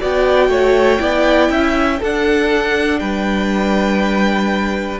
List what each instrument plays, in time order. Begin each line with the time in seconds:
0.00 cello B3, viola F#4, violin D5 G5
0.49 cello A3, violin C#5
0.99 cello B3, viola E4, violin D5
1.49 cello C#4, violin E5
1.99 cello D4, viola D4, violin A4 F#5
2.99 cello G3, violin B4 G5